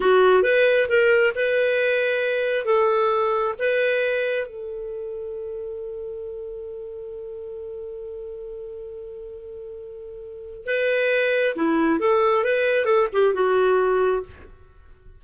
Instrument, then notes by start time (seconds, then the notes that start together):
clarinet
0.00 F#4
0.43 B4
0.88 A#4
1.35 B4
2.65 A4
3.58 B4
4.46 A4
10.65 B4
11.55 E4
11.99 A4
12.44 B4
12.85 A4
13.13 G4
13.33 F#4